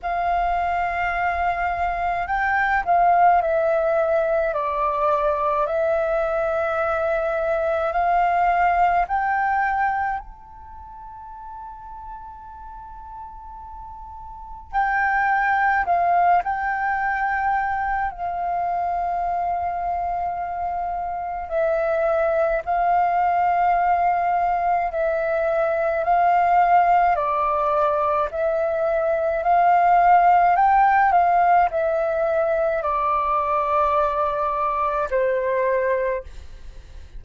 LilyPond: \new Staff \with { instrumentName = "flute" } { \time 4/4 \tempo 4 = 53 f''2 g''8 f''8 e''4 | d''4 e''2 f''4 | g''4 a''2.~ | a''4 g''4 f''8 g''4. |
f''2. e''4 | f''2 e''4 f''4 | d''4 e''4 f''4 g''8 f''8 | e''4 d''2 c''4 | }